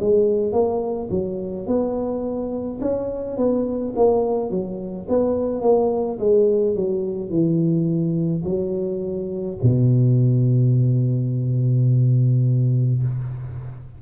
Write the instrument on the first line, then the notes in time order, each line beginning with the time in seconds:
tuba
0.00 G#3
0.52 A#3
1.11 F#3
1.67 B3
2.81 C#4
3.38 B3
3.96 A#3
4.51 F#3
5.09 B3
5.62 A#3
6.20 G#3
6.76 F#3
7.30 E3
8.44 F#3
9.63 B2